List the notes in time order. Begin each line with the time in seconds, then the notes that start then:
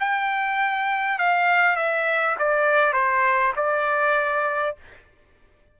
0.00 G5
1.19 F5
1.76 E5
2.39 D5
2.93 C5
3.56 D5